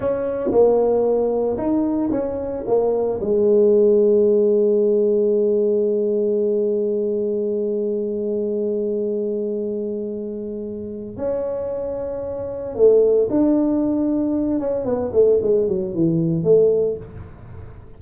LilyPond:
\new Staff \with { instrumentName = "tuba" } { \time 4/4 \tempo 4 = 113 cis'4 ais2 dis'4 | cis'4 ais4 gis2~ | gis1~ | gis1~ |
gis1~ | gis4 cis'2. | a4 d'2~ d'8 cis'8 | b8 a8 gis8 fis8 e4 a4 | }